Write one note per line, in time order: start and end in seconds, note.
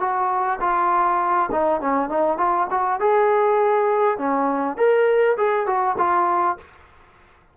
0.00 0.59 F#4
0.60 1.50 F4
1.51 1.81 D#4
1.81 2.09 C#4
2.09 2.38 D#4
2.38 2.67 F4
2.70 3.00 F#4
3.00 4.18 G#4
4.18 4.77 C#4
4.77 5.37 A#4
5.37 5.66 G#4
5.66 5.96 F#4
5.98 6.57 F4